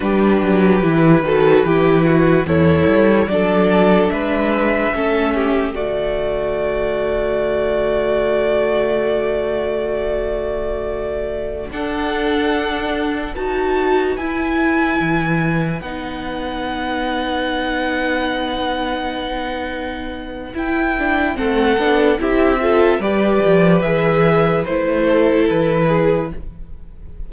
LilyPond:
<<
  \new Staff \with { instrumentName = "violin" } { \time 4/4 \tempo 4 = 73 b'2. cis''4 | d''4 e''2 d''4~ | d''1~ | d''2~ d''16 fis''4.~ fis''16~ |
fis''16 a''4 gis''2 fis''8.~ | fis''1~ | fis''4 g''4 fis''4 e''4 | d''4 e''4 c''4 b'4 | }
  \new Staff \with { instrumentName = "violin" } { \time 4/4 g'4. a'8 g'8 fis'8 e'4 | a'4 b'4 a'8 g'8 fis'4~ | fis'1~ | fis'2~ fis'16 a'4.~ a'16~ |
a'16 b'2.~ b'8.~ | b'1~ | b'2 a'4 g'8 a'8 | b'2~ b'8 a'4 gis'8 | }
  \new Staff \with { instrumentName = "viola" } { \time 4/4 d'4 e'8 fis'8 e'4 a'4 | d'2 cis'4 a4~ | a1~ | a2~ a16 d'4.~ d'16~ |
d'16 fis'4 e'2 dis'8.~ | dis'1~ | dis'4 e'8 d'8 c'8 d'8 e'8 f'8 | g'4 gis'4 e'2 | }
  \new Staff \with { instrumentName = "cello" } { \time 4/4 g8 fis8 e8 dis8 e4 e,8 g8 | fis4 gis4 a4 d4~ | d1~ | d2~ d16 d'4.~ d'16~ |
d'16 dis'4 e'4 e4 b8.~ | b1~ | b4 e'4 a8 b8 c'4 | g8 f8 e4 a4 e4 | }
>>